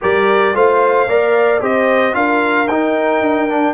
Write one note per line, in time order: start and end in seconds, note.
0.01 0.55 G3
0.01 0.53 G4
0.01 0.54 A#4
0.01 0.55 D5
0.53 1.07 A3
0.53 1.07 F4
0.53 1.08 C5
0.53 1.63 F5
1.07 1.61 A#3
1.07 1.60 A#4
1.07 1.61 D5
1.60 2.14 C4
1.60 2.12 G4
1.60 2.15 C5
1.60 2.14 D#5
2.12 2.67 D4
2.12 2.66 F4
2.12 3.74 A#4
2.12 2.67 F5
2.67 3.21 D#4
2.67 3.49 D#4
2.67 3.74 G5
3.21 3.74 D4
3.49 3.74 D4